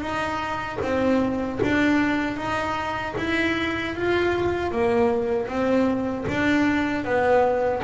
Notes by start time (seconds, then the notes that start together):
0.00 D#4
0.82 C4
1.63 D4
2.36 D#4
3.17 E4
3.95 F4
4.71 A#3
5.48 C4
6.28 D4
7.04 B3